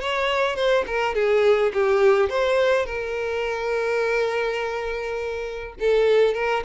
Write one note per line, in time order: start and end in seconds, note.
0.00 0.56 C#5
0.56 0.85 C5
0.87 1.15 A#4
1.15 1.72 G#4
1.73 2.29 G4
2.29 2.86 C5
2.86 5.74 A#4
5.80 6.34 A4
6.34 6.63 A#4